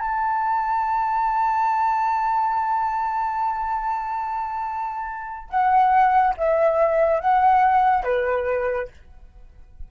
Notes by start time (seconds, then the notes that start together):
0.00 A5
5.50 F#5
6.38 E5
7.20 F#5
8.04 B4